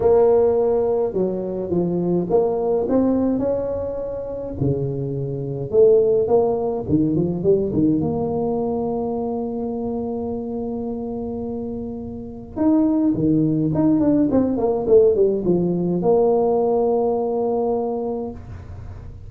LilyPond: \new Staff \with { instrumentName = "tuba" } { \time 4/4 \tempo 4 = 105 ais2 fis4 f4 | ais4 c'4 cis'2 | cis2 a4 ais4 | dis8 f8 g8 dis8 ais2~ |
ais1~ | ais2 dis'4 dis4 | dis'8 d'8 c'8 ais8 a8 g8 f4 | ais1 | }